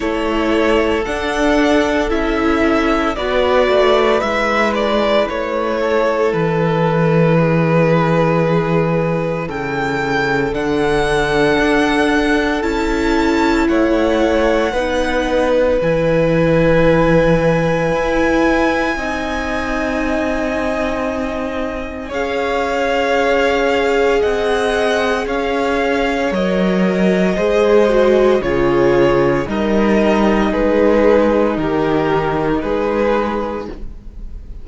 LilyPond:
<<
  \new Staff \with { instrumentName = "violin" } { \time 4/4 \tempo 4 = 57 cis''4 fis''4 e''4 d''4 | e''8 d''8 cis''4 b'2~ | b'4 g''4 fis''2 | a''4 fis''2 gis''4~ |
gis''1~ | gis''4 f''2 fis''4 | f''4 dis''2 cis''4 | dis''4 b'4 ais'4 b'4 | }
  \new Staff \with { instrumentName = "violin" } { \time 4/4 a'2. b'4~ | b'4. a'4. gis'4~ | gis'4 a'2.~ | a'4 cis''4 b'2~ |
b'2 dis''2~ | dis''4 cis''2 dis''4 | cis''2 c''4 gis'4 | ais'4 gis'4 g'4 gis'4 | }
  \new Staff \with { instrumentName = "viola" } { \time 4/4 e'4 d'4 e'4 fis'4 | e'1~ | e'2 d'2 | e'2 dis'4 e'4~ |
e'2 dis'2~ | dis'4 gis'2.~ | gis'4 ais'4 gis'8 fis'8 f'4 | dis'1 | }
  \new Staff \with { instrumentName = "cello" } { \time 4/4 a4 d'4 cis'4 b8 a8 | gis4 a4 e2~ | e4 cis4 d4 d'4 | cis'4 a4 b4 e4~ |
e4 e'4 c'2~ | c'4 cis'2 c'4 | cis'4 fis4 gis4 cis4 | g4 gis4 dis4 gis4 | }
>>